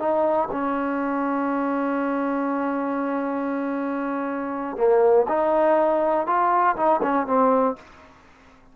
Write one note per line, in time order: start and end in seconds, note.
0.00 0.49 D#4
0.52 4.77 C#4
4.77 5.27 A#3
5.29 6.27 D#4
6.27 6.76 F4
6.77 7.01 D#4
7.03 7.27 C#4
7.27 7.76 C4